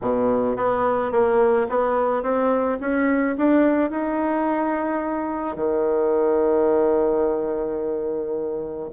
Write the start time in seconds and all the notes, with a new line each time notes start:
0.01 B2
0.56 B3
1.11 A#3
1.69 B3
2.22 C4
2.80 C#4
3.37 D4
3.90 D#4
5.56 D#3